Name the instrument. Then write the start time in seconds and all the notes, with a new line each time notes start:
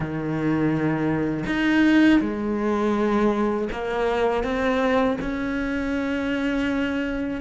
cello
0.00 D#3
1.46 D#4
2.20 G#3
3.71 A#3
4.43 C4
5.21 C#4